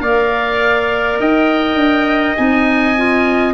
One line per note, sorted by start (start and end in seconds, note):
0.00 1.18 A#3
0.00 2.37 A#4
0.00 1.20 D5
0.00 1.19 F5
1.19 1.74 D#4
1.19 3.54 D#5
1.19 2.36 G5
1.74 2.33 D4
2.36 3.54 C4
2.36 2.96 D#4
2.36 3.54 G#5
2.96 3.54 F4